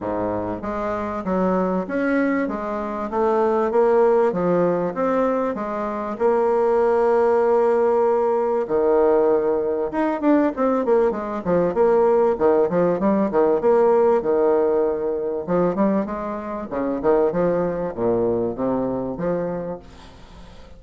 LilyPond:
\new Staff \with { instrumentName = "bassoon" } { \time 4/4 \tempo 4 = 97 gis,4 gis4 fis4 cis'4 | gis4 a4 ais4 f4 | c'4 gis4 ais2~ | ais2 dis2 |
dis'8 d'8 c'8 ais8 gis8 f8 ais4 | dis8 f8 g8 dis8 ais4 dis4~ | dis4 f8 g8 gis4 cis8 dis8 | f4 ais,4 c4 f4 | }